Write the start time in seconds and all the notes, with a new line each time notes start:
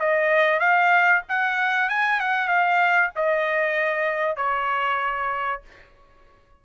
0.00 D#5
0.60 F5
1.29 F#5
1.89 G#5
2.20 F#5
2.48 F5
3.16 D#5
4.37 C#5